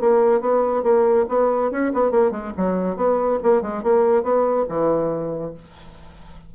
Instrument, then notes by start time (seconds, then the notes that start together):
bassoon
0.00 A#3
0.40 B3
0.83 A#3
1.28 B3
1.71 C#4
1.93 B3
2.11 A#3
2.31 G#3
2.57 F#3
2.96 B3
3.43 A#3
3.62 G#3
3.83 A#3
4.23 B3
4.68 E3